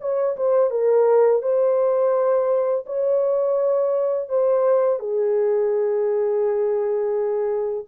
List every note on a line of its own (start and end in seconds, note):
0.00 0.36 C#5
0.36 0.70 C5
0.70 1.42 A#4
1.42 2.85 C5
2.86 4.29 C#5
4.29 4.99 C5
4.99 7.85 G#4